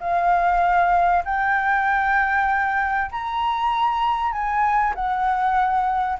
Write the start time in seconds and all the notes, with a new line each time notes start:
0.00 F5
1.25 G5
3.11 A#5
4.32 G#5
4.95 F#5